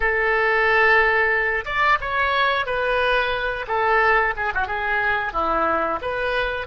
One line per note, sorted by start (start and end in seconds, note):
0.00 1.65 A4
1.65 1.98 D5
2.01 2.65 C#5
2.65 3.65 B4
3.67 4.34 A4
4.36 4.52 G#4
4.54 4.67 F#4
4.67 5.32 G#4
5.32 5.99 E4
6.01 6.67 B4